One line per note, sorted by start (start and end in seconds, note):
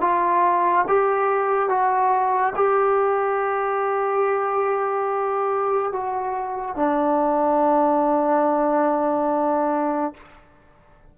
0.00 0.85 F4
0.87 1.69 G4
1.69 2.53 F#4
2.55 5.92 G4
5.92 6.75 F#4
6.75 10.13 D4